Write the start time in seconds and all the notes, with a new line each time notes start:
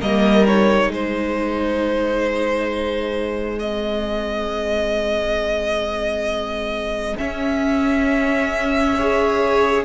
0.00 G3 A#3 A#4 D#5
0.47 D#4 C#5
0.88 G#3 G#4 C5
3.59 C4 D#5
7.17 C#4 E5
8.94 G#4 C#5